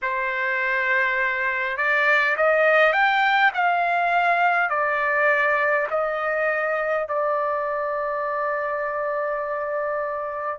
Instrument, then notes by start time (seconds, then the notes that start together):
trumpet
0.02 C5
1.77 D5
2.36 D#5
2.93 G5
3.53 F5
4.69 D5
5.90 D#5
7.07 D5